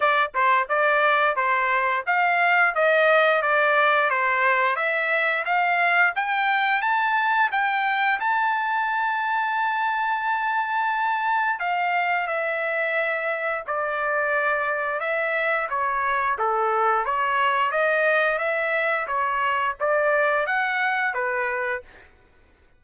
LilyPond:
\new Staff \with { instrumentName = "trumpet" } { \time 4/4 \tempo 4 = 88 d''8 c''8 d''4 c''4 f''4 | dis''4 d''4 c''4 e''4 | f''4 g''4 a''4 g''4 | a''1~ |
a''4 f''4 e''2 | d''2 e''4 cis''4 | a'4 cis''4 dis''4 e''4 | cis''4 d''4 fis''4 b'4 | }